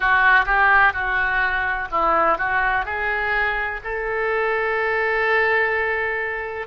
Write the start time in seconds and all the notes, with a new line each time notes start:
0.00 F#4
0.45 G4
0.93 F#4
1.91 E4
2.38 F#4
2.85 G#4
3.84 A4